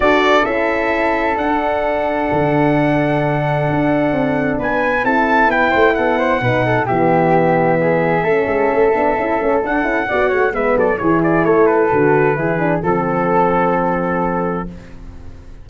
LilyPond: <<
  \new Staff \with { instrumentName = "trumpet" } { \time 4/4 \tempo 4 = 131 d''4 e''2 fis''4~ | fis''1~ | fis''2 gis''4 a''4 | g''4 fis''2 e''4~ |
e''1~ | e''4 fis''2 e''8 d''8 | cis''8 d''8 cis''8 b'2~ b'8 | a'1 | }
  \new Staff \with { instrumentName = "flute" } { \time 4/4 a'1~ | a'1~ | a'2 b'4 a'4 | b'8 c''8 a'8 c''8 b'8 a'8 g'4~ |
g'4 gis'4 a'2~ | a'2 d''8 cis''8 b'8 a'8 | gis'4 a'2 gis'4 | a'1 | }
  \new Staff \with { instrumentName = "horn" } { \time 4/4 fis'4 e'2 d'4~ | d'1~ | d'2. e'4~ | e'2 dis'4 b4~ |
b2 cis'4. d'8 | e'8 cis'8 d'8 e'8 fis'4 b4 | e'2 fis'4 e'8 d'8 | c'1 | }
  \new Staff \with { instrumentName = "tuba" } { \time 4/4 d'4 cis'2 d'4~ | d'4 d2. | d'4 c'4 b4 c'4 | b8 a8 b4 b,4 e4~ |
e2 a8 gis8 a8 b8 | cis'8 a8 d'8 cis'8 b8 a8 gis8 fis8 | e4 a4 d4 e4 | f1 | }
>>